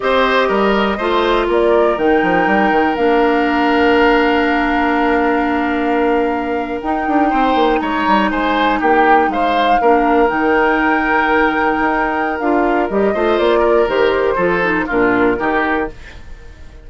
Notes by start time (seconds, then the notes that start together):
0.00 C4 G4 C5 D#5
0.48 G3 A#4
0.97 A3 F4 C5
1.47 A#3 A#4 D5
1.97 D#3 D#4 G5
2.22 F3
2.46 G3
2.71 D#3
2.96 A#3 D4 F5
6.80 D#4 G5
7.07 D4
7.29 C4 C5
7.54 A#3
7.79 G#3 C#5 A#5
8.07 G3
8.30 G#3 C5 G#5
8.79 A#3 G4 G5
9.28 G#3 C5 F5
9.81 A#3 D4 A#4
10.27 D#3 D#4 G5
11.79 D#4
12.39 D4 F4 F5
12.89 G3 G4 D#5
13.14 A3 F4 C5
13.38 A#3 D5
13.59 A#4
13.87 D#3 G4 C5
14.35 F3 F4 A4
14.62 D#4
14.86 A#2 D4 F4 A#4
15.37 D#3 D#4 G4